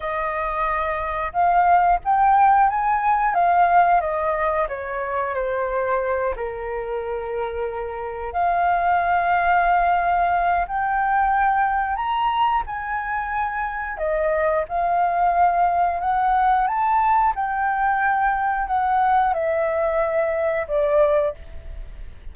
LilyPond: \new Staff \with { instrumentName = "flute" } { \time 4/4 \tempo 4 = 90 dis''2 f''4 g''4 | gis''4 f''4 dis''4 cis''4 | c''4. ais'2~ ais'8~ | ais'8 f''2.~ f''8 |
g''2 ais''4 gis''4~ | gis''4 dis''4 f''2 | fis''4 a''4 g''2 | fis''4 e''2 d''4 | }